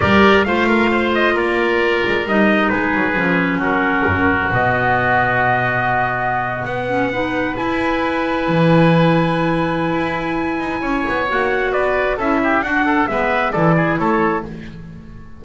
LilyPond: <<
  \new Staff \with { instrumentName = "trumpet" } { \time 4/4 \tempo 4 = 133 d''4 f''4. dis''8 d''4~ | d''4 dis''4 b'2 | ais'2 dis''2~ | dis''2~ dis''8. fis''4~ fis''16~ |
fis''8. gis''2.~ gis''16~ | gis''1~ | gis''4 fis''4 d''4 e''4 | fis''4 e''4 d''4 cis''4 | }
  \new Staff \with { instrumentName = "oboe" } { \time 4/4 ais'4 c''8 ais'8 c''4 ais'4~ | ais'2 gis'2 | fis'1~ | fis'2.~ fis'8. b'16~ |
b'1~ | b'1 | cis''2 b'4 a'8 g'8 | fis'8 a'8 b'4 a'8 gis'8 a'4 | }
  \new Staff \with { instrumentName = "clarinet" } { \time 4/4 g'4 f'2.~ | f'4 dis'2 cis'4~ | cis'2 b2~ | b2.~ b16 cis'8 dis'16~ |
dis'8. e'2.~ e'16~ | e'1~ | e'4 fis'2 e'4 | d'4 b4 e'2 | }
  \new Staff \with { instrumentName = "double bass" } { \time 4/4 g4 a2 ais4~ | ais8 gis8 g4 gis8 fis8 f4 | fis4 fis,4 b,2~ | b,2~ b,8. b4~ b16~ |
b8. e'2 e4~ e16~ | e2 e'4. dis'8 | cis'8 b8 ais4 b4 cis'4 | d'4 gis4 e4 a4 | }
>>